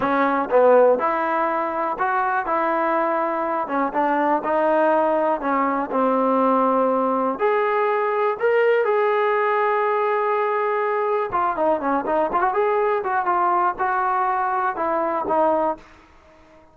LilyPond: \new Staff \with { instrumentName = "trombone" } { \time 4/4 \tempo 4 = 122 cis'4 b4 e'2 | fis'4 e'2~ e'8 cis'8 | d'4 dis'2 cis'4 | c'2. gis'4~ |
gis'4 ais'4 gis'2~ | gis'2. f'8 dis'8 | cis'8 dis'8 f'16 fis'16 gis'4 fis'8 f'4 | fis'2 e'4 dis'4 | }